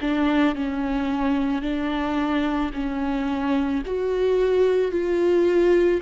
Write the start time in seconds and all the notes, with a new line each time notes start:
0.00 D4
0.55 C#4
1.62 D4
2.73 C#4
3.85 F#4
4.91 F4